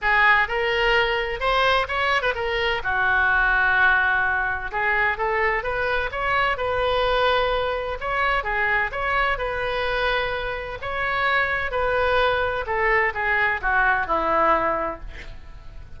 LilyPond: \new Staff \with { instrumentName = "oboe" } { \time 4/4 \tempo 4 = 128 gis'4 ais'2 c''4 | cis''8. b'16 ais'4 fis'2~ | fis'2 gis'4 a'4 | b'4 cis''4 b'2~ |
b'4 cis''4 gis'4 cis''4 | b'2. cis''4~ | cis''4 b'2 a'4 | gis'4 fis'4 e'2 | }